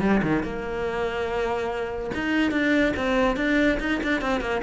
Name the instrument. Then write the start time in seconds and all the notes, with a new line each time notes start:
cello
0.00 G3
0.22 D#3
0.43 A#3
2.14 D#4
2.51 D4
2.96 C4
3.36 D4
3.79 D#4
4.03 D4
4.21 C4
4.41 A#3